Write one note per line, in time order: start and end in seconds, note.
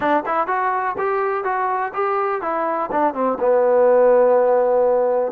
0.00 0.23 D4
0.26 0.47 E4
0.47 0.95 F#4
0.98 1.44 G4
1.44 1.92 F#4
1.93 2.41 G4
2.41 2.89 E4
2.91 3.13 D4
3.13 3.38 C4
3.39 5.32 B3